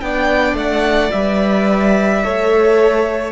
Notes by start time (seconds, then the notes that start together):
0.00 B3 D4 D5 G5
0.53 A3 F#5
1.11 G3 B4 E5
2.23 A3 A4 C#5